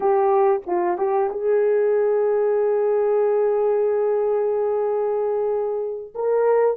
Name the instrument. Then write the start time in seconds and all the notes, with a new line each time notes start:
horn
0.00 G4
0.66 F4
0.97 G4
1.29 G#4
6.14 A#4